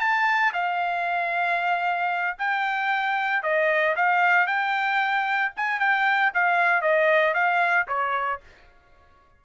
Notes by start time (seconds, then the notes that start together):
0.00 A5
0.54 F5
2.39 G5
3.43 D#5
3.97 F5
4.47 G5
5.57 G#5
5.80 G5
6.34 F5
6.82 D#5
7.35 F5
7.88 C#5